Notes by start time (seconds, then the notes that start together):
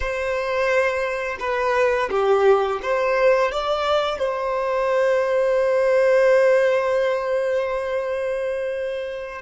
0.00 C5
1.39 B4
2.10 G4
2.82 C5
3.51 D5
4.18 C5